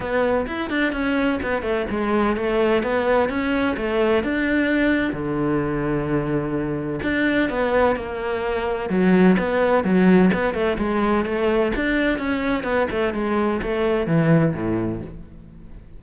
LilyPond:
\new Staff \with { instrumentName = "cello" } { \time 4/4 \tempo 4 = 128 b4 e'8 d'8 cis'4 b8 a8 | gis4 a4 b4 cis'4 | a4 d'2 d4~ | d2. d'4 |
b4 ais2 fis4 | b4 fis4 b8 a8 gis4 | a4 d'4 cis'4 b8 a8 | gis4 a4 e4 a,4 | }